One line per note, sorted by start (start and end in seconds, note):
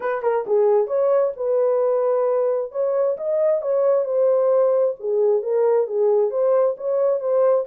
0.00 0.22 B4
0.22 0.45 A#4
0.46 0.87 G#4
0.87 1.32 C#5
1.36 2.71 B4
2.71 3.16 C#5
3.17 3.61 D#5
3.61 4.04 C#5
4.04 4.94 C5
4.99 5.42 G#4
5.42 5.87 A#4
5.87 6.30 G#4
6.30 6.75 C5
6.77 7.20 C#5
7.20 7.65 C5